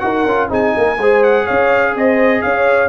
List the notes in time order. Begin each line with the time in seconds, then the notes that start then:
0.00 D#4 F#4 A#4 F#5
0.26 C#4 F4
0.49 C4 D#4 G#4 G#5
0.77 A#3 A#4
0.98 G#3 G#4 C5
1.24 F#5
1.45 C#4 C#5 F5
1.95 C4 C5 D#5
2.42 C#4 C#5 F5